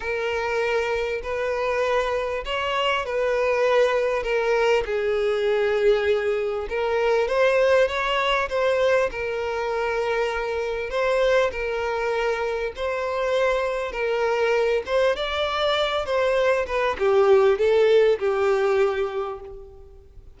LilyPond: \new Staff \with { instrumentName = "violin" } { \time 4/4 \tempo 4 = 99 ais'2 b'2 | cis''4 b'2 ais'4 | gis'2. ais'4 | c''4 cis''4 c''4 ais'4~ |
ais'2 c''4 ais'4~ | ais'4 c''2 ais'4~ | ais'8 c''8 d''4. c''4 b'8 | g'4 a'4 g'2 | }